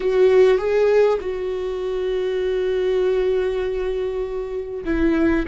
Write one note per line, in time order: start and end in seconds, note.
0.00 0.58 F#4
0.58 1.18 G#4
1.20 4.84 F#4
4.85 5.45 E4